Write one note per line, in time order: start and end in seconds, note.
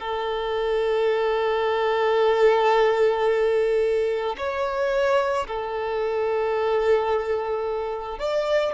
0.00 4.36 A4
4.38 5.47 C#5
5.47 8.20 A4
8.20 8.74 D5